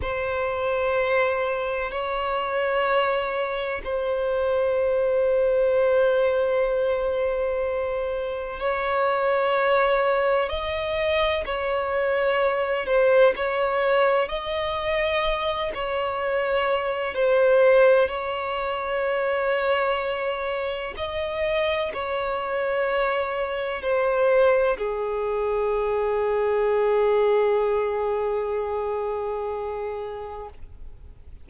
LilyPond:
\new Staff \with { instrumentName = "violin" } { \time 4/4 \tempo 4 = 63 c''2 cis''2 | c''1~ | c''4 cis''2 dis''4 | cis''4. c''8 cis''4 dis''4~ |
dis''8 cis''4. c''4 cis''4~ | cis''2 dis''4 cis''4~ | cis''4 c''4 gis'2~ | gis'1 | }